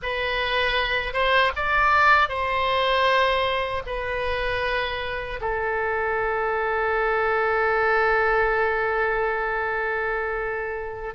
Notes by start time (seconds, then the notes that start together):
0.02 B4
1.13 C5
1.56 D5
2.28 C5
3.86 B4
5.41 A4